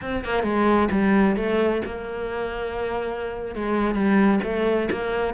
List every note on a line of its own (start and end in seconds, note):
0.01 0.24 C4
0.24 0.43 A#3
0.43 0.88 G#3
0.91 1.36 G3
1.36 1.82 A3
1.85 3.55 A#3
3.55 3.94 G#3
3.94 4.40 G3
4.43 4.89 A3
4.91 5.34 A#3